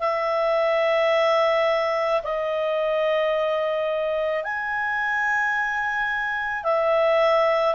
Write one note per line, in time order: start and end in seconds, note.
0.00 2.22 E5
2.23 4.44 D#5
4.44 6.64 G#5
6.64 7.75 E5